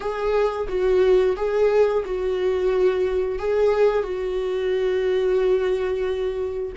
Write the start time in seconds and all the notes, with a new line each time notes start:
0.00 G#4
0.68 F#4
1.36 G#4
2.05 F#4
3.38 G#4
4.03 F#4